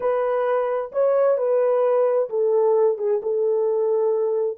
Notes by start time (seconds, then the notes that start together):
0.00 B4
0.92 C#5
1.37 B4
2.29 A4
2.98 G#4
3.22 A4